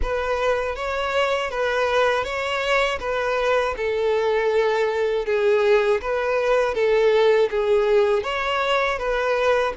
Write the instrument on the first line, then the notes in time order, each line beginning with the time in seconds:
violin
0.01 B4
0.75 C#5
1.50 B4
2.23 C#5
2.99 B4
3.76 A4
5.25 G#4
6.01 B4
6.74 A4
7.50 G#4
8.23 C#5
8.98 B4